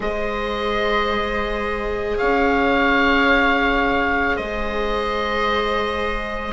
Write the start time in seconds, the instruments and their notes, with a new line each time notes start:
0.00 bassoon G#3, viola G#4 C5, oboe D#5
2.18 bassoon C#4, viola C#5, oboe F5
4.36 bassoon G#3, viola C5, oboe D#5